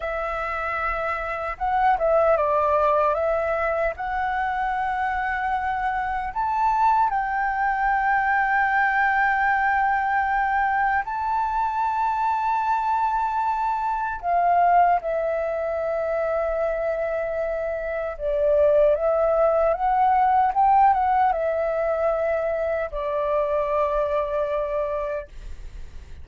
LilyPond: \new Staff \with { instrumentName = "flute" } { \time 4/4 \tempo 4 = 76 e''2 fis''8 e''8 d''4 | e''4 fis''2. | a''4 g''2.~ | g''2 a''2~ |
a''2 f''4 e''4~ | e''2. d''4 | e''4 fis''4 g''8 fis''8 e''4~ | e''4 d''2. | }